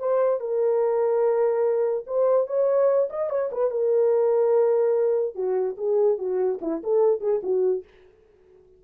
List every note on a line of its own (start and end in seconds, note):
0.00 0.41 C5
0.41 2.05 A#4
2.07 2.47 C5
2.47 3.09 C#5
3.10 3.30 D#5
3.30 3.51 C#5
3.52 3.71 B4
3.71 5.35 A#4
5.35 5.76 F#4
5.78 6.18 G#4
6.18 6.60 F#4
6.62 6.82 E4
6.84 7.21 A4
7.21 7.42 G#4
7.43 7.84 F#4